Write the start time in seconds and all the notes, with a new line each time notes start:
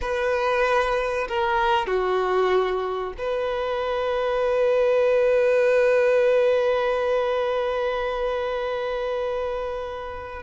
0.01 B4
1.28 A#4
1.87 F#4
3.18 B4